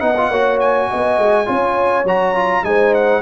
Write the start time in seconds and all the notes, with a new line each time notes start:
0.00 B3 D#4 D#5 F#5
0.17 F4
0.30 A#3 F#4 C#5
0.60 G#5
0.90 B3 D#5
1.18 G#3
1.46 C#4 F4 C#5
2.04 F#3 F#4 A#5
2.35 F4
2.64 G#3 D#4 C5 G#5
2.95 F#5